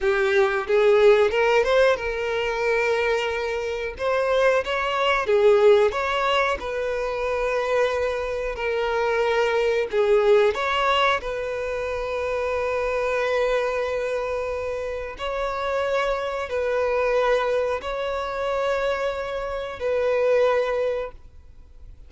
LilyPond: \new Staff \with { instrumentName = "violin" } { \time 4/4 \tempo 4 = 91 g'4 gis'4 ais'8 c''8 ais'4~ | ais'2 c''4 cis''4 | gis'4 cis''4 b'2~ | b'4 ais'2 gis'4 |
cis''4 b'2.~ | b'2. cis''4~ | cis''4 b'2 cis''4~ | cis''2 b'2 | }